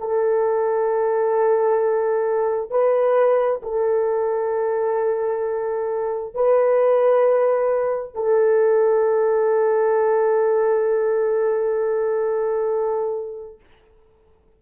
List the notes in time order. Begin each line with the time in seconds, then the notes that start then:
0.00 A4
2.71 B4
3.63 A4
6.35 B4
8.15 A4